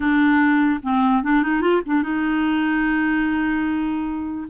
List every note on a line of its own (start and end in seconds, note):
0.00 0.80 D4
0.82 1.23 C4
1.23 1.42 D4
1.42 1.61 D#4
1.61 1.81 F4
1.86 2.02 D4
2.02 4.47 D#4